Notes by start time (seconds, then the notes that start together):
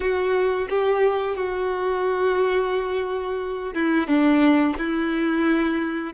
0.00 F#4
0.69 G4
1.36 F#4
3.73 E4
4.07 D4
4.78 E4